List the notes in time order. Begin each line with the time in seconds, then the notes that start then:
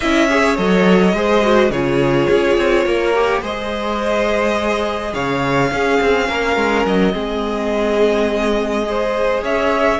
0.00 C#4 E4 D#5 E5
0.29 G#4 C#5
0.57 F#3 A4 D#5
1.13 G#3 G#4 C5
1.41 F#4
1.69 C#3 F4 G#4 C#5
2.30 C#4
2.57 C4
2.85 A#3 A#4
3.14 G4
3.41 G#3 G#4 C5 D#5
5.13 C#3 C#5 F5
5.71 C#4 G#4
6.00 C4
6.29 A#3 A#4
6.56 G#3
6.85 F#3 D#5
7.12 G#3 C4 G#4
8.85 G#4 C5
9.42 C#4 C#5 E5